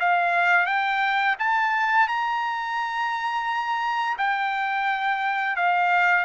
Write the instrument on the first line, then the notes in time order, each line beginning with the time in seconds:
trumpet
0.00 F5
0.66 G5
1.39 A5
2.08 A#5
4.18 G5
5.56 F5